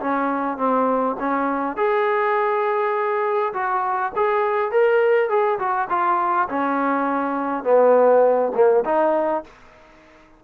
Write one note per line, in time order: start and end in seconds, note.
0.00 0.57 C#4
0.57 1.16 C4
1.19 1.76 C#4
1.76 3.53 G#4
3.53 4.12 F#4
4.16 4.71 G#4
4.71 5.29 A#4
5.29 5.58 G#4
5.59 5.88 F#4
5.89 6.48 F4
6.49 7.64 C#4
7.64 8.52 B3
8.55 8.84 A#3
8.85 9.44 D#4